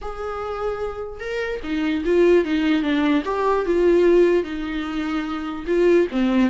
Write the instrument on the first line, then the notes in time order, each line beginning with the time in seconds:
viola
0.01 G#4
1.19 A#4
1.63 D#4
2.05 F4
2.45 D#4
2.82 D4
3.25 G4
3.65 F4
4.43 D#4
5.66 F4
6.11 C4